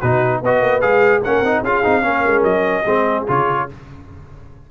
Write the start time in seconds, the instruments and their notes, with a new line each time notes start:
0.00 tuba B2, trombone D#4, horn F#4, trumpet B4
0.42 tuba B3, trombone F#4, horn B4, trumpet D#5
0.61 tuba A#3
0.81 tuba G#3, trombone G#4, trumpet F5
1.22 tuba A#3, trombone C#4, horn A#4, trumpet F#5
1.41 tuba C4, trombone D#4
1.62 tuba C#4, trombone F4, horn G#4, trumpet F5
1.84 tuba C4, trombone D#4
2.02 tuba A#3, trombone C#4, horn A#4
2.26 tuba G#3
2.43 tuba F#3, trumpet D#5
2.85 tuba G#3, trombone C4, horn G#4
3.28 tuba C#3, trombone F4, trumpet C#5